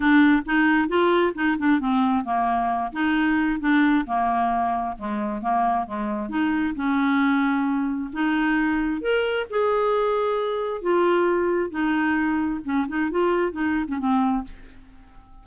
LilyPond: \new Staff \with { instrumentName = "clarinet" } { \time 4/4 \tempo 4 = 133 d'4 dis'4 f'4 dis'8 d'8 | c'4 ais4. dis'4. | d'4 ais2 gis4 | ais4 gis4 dis'4 cis'4~ |
cis'2 dis'2 | ais'4 gis'2. | f'2 dis'2 | cis'8 dis'8 f'4 dis'8. cis'16 c'4 | }